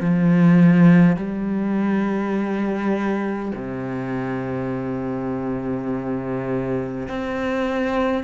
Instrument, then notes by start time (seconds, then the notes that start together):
cello
0.00 F3
1.16 G3
3.55 C3
7.08 C4